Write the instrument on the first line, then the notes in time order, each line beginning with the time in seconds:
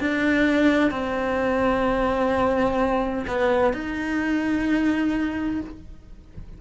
cello
0.00 D4
0.91 C4
3.28 B3
3.74 D#4